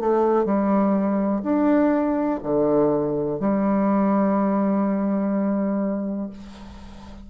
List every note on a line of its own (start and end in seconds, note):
0.00 0.45 A3
0.45 1.42 G3
1.43 2.40 D4
2.43 3.40 D3
3.40 6.30 G3